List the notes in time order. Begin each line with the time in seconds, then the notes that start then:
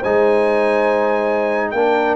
0.00 G#3 D#4 C5 G#5
1.71 A#3 D4 A#4 G5